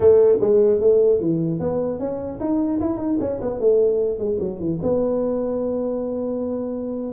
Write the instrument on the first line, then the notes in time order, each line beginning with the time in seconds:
tuba
0.00 A3
0.41 G#3
0.80 A3
1.20 E3
1.59 B3
1.99 C#4
2.39 D#4
2.80 E4
2.97 D#4
3.20 C#4
3.41 B3
3.59 A3
4.19 G#3
4.40 F#3
4.59 E3
4.82 B3